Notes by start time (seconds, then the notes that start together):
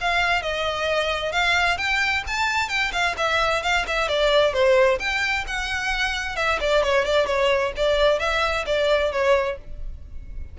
0.00 F5
0.41 D#5
1.32 F5
1.77 G5
2.27 A5
2.68 G5
2.92 F5
3.17 E5
3.62 F5
3.87 E5
4.08 D5
4.53 C5
4.99 G5
5.47 F#5
6.36 E5
6.60 D5
6.83 C#5
7.05 D5
7.26 C#5
7.76 D5
8.19 E5
8.66 D5
9.11 C#5